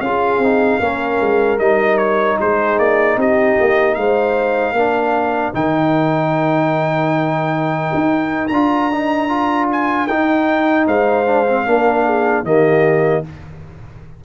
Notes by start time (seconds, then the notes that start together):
0.00 C#4 F4 G#4 F5
0.38 C4 D#4
0.79 A#3 C#4 A#4
1.21 G#3
1.59 G3 D#4 D#5
1.97 C#5
2.41 G#3 G#4 C5
2.79 A#3 D5
3.16 C4 G4 D#5
3.59 A#3
3.94 G#3 C5 F5
4.72 A#3 D4 A#4
5.53 D#3 D#4 G5
7.94 D#4
8.48 D4 F4 A#5
8.91 D#4
9.29 F4
9.72 G#5
10.07 D#4 G5
10.86 G#3 C5 F5
11.26 D4
11.48 C4
11.66 A#3 D4 A#4
12.05 G#4
12.43 D#3 A#3 G4 D#5